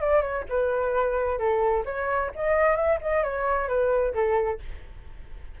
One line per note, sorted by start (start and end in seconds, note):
0.00 0.21 D5
0.21 0.44 C#5
0.49 1.38 B4
1.38 1.84 A4
1.85 2.31 C#5
2.35 2.76 D#5
2.76 2.99 E5
3.01 3.23 D#5
3.23 3.67 C#5
3.67 4.13 B4
4.13 4.59 A4